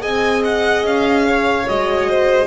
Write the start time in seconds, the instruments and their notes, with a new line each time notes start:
0.00 double bass C4, horn G#4, violin D#5 G#5
0.44 violin F#5
0.83 double bass C#4, violin F5
1.27 violin C#5
1.68 double bass G#3, horn F#4, violin D#5
2.09 violin C5